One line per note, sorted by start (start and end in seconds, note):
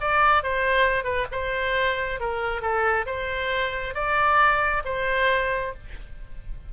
0.00 0.43 D5
0.43 1.04 C5
1.04 1.26 B4
1.31 2.20 C5
2.20 2.61 A#4
2.61 3.05 A4
3.06 3.94 C5
3.94 4.82 D5
4.84 5.73 C5